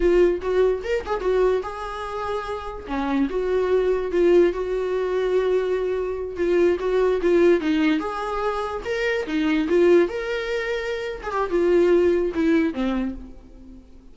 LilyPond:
\new Staff \with { instrumentName = "viola" } { \time 4/4 \tempo 4 = 146 f'4 fis'4 ais'8 gis'8 fis'4 | gis'2. cis'4 | fis'2 f'4 fis'4~ | fis'2.~ fis'8 f'8~ |
f'8 fis'4 f'4 dis'4 gis'8~ | gis'4. ais'4 dis'4 f'8~ | f'8 ais'2~ ais'8. gis'16 g'8 | f'2 e'4 c'4 | }